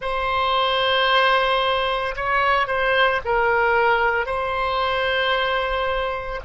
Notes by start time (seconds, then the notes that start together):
0.00 C5
2.15 C#5
2.67 C5
3.24 A#4
4.26 C5